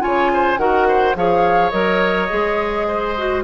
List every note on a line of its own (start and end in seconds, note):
0.00 0.58 C#3
0.00 0.57 F4
0.00 0.31 C#5
0.00 0.58 G#5
0.33 0.59 C5
0.58 1.15 D#3
0.58 1.15 F#4
0.58 0.88 A#4
0.58 1.15 F#5
0.88 1.17 C5
1.15 1.72 F3
1.15 1.72 G#4
1.15 2.87 C#5
1.15 1.70 F5
1.70 2.30 F#3
1.70 2.29 A#4
1.70 3.42 D#5
2.29 3.44 G#3
2.29 3.15 G#4
2.87 3.44 C5
3.17 3.44 F#4